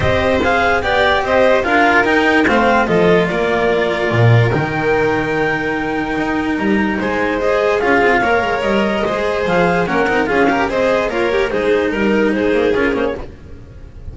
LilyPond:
<<
  \new Staff \with { instrumentName = "clarinet" } { \time 4/4 \tempo 4 = 146 dis''4 f''4 g''4 dis''4 | f''4 g''4 f''4 dis''4 | d''2. g''4~ | g''1 |
ais''4 gis''4 dis''4 f''4~ | f''4 dis''2 f''4 | fis''4 f''4 dis''4 cis''4 | c''4 ais'4 c''4 ais'8 c''16 cis''16 | }
  \new Staff \with { instrumentName = "violin" } { \time 4/4 c''2 d''4 c''4 | ais'2 c''4 a'4 | ais'1~ | ais'1~ |
ais'4 c''2 gis'4 | cis''2 c''2 | ais'4 gis'8 ais'8 c''4 f'8 g'8 | gis'4 ais'4 gis'2 | }
  \new Staff \with { instrumentName = "cello" } { \time 4/4 g'4 gis'4 g'2 | f'4 dis'4 c'4 f'4~ | f'2. dis'4~ | dis'1~ |
dis'2 gis'4 f'4 | ais'2 gis'2 | cis'8 dis'8 f'8 g'8 gis'4 ais'4 | dis'2. f'8 cis'8 | }
  \new Staff \with { instrumentName = "double bass" } { \time 4/4 c'2 b4 c'4 | d'4 dis'4 a4 f4 | ais2 ais,4 dis4~ | dis2. dis'4 |
g4 gis2 cis'8 c'8 | ais8 gis8 g4 gis4 f4 | ais8 c'8 cis'4 c'4 ais4 | gis4 g4 gis8 ais8 cis'8 ais8 | }
>>